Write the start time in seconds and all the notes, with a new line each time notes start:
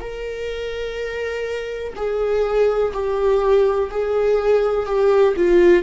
0.00 A#4
1.96 G#4
2.93 G4
3.91 G#4
4.86 G4
5.37 F4